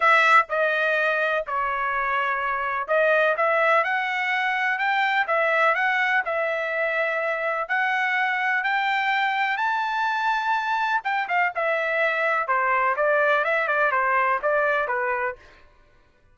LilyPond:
\new Staff \with { instrumentName = "trumpet" } { \time 4/4 \tempo 4 = 125 e''4 dis''2 cis''4~ | cis''2 dis''4 e''4 | fis''2 g''4 e''4 | fis''4 e''2. |
fis''2 g''2 | a''2. g''8 f''8 | e''2 c''4 d''4 | e''8 d''8 c''4 d''4 b'4 | }